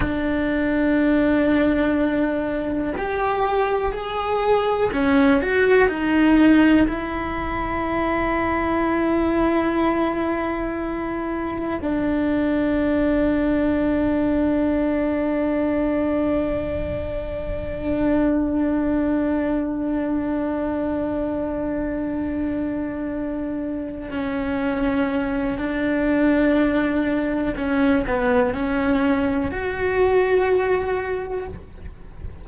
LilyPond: \new Staff \with { instrumentName = "cello" } { \time 4/4 \tempo 4 = 61 d'2. g'4 | gis'4 cis'8 fis'8 dis'4 e'4~ | e'1 | d'1~ |
d'1~ | d'1~ | d'8 cis'4. d'2 | cis'8 b8 cis'4 fis'2 | }